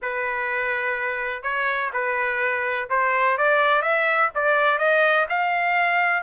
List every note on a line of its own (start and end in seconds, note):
0.01 1.42 B4
1.42 1.90 C#5
1.93 2.89 B4
2.89 3.37 C5
3.37 3.82 D5
3.82 4.30 E5
4.35 4.78 D5
4.78 5.26 D#5
5.29 6.22 F5